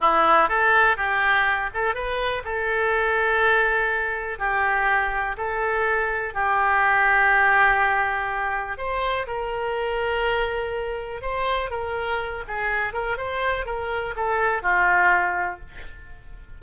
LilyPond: \new Staff \with { instrumentName = "oboe" } { \time 4/4 \tempo 4 = 123 e'4 a'4 g'4. a'8 | b'4 a'2.~ | a'4 g'2 a'4~ | a'4 g'2.~ |
g'2 c''4 ais'4~ | ais'2. c''4 | ais'4. gis'4 ais'8 c''4 | ais'4 a'4 f'2 | }